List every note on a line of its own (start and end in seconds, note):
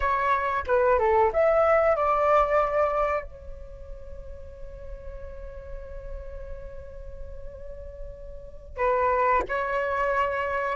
0.00 0.64 C#5
0.67 0.98 B4
0.98 1.31 A4
1.33 1.96 E5
1.96 3.23 D5
3.23 8.77 C#5
8.77 9.42 B4
9.48 10.76 C#5